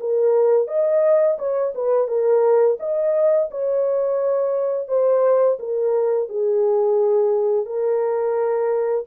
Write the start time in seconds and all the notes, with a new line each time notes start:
0.00 A#4
0.68 D#5
1.38 C#5
1.75 B4
2.08 A#4
2.79 D#5
3.51 C#5
4.88 C5
5.59 A#4
6.29 G#4
7.66 A#4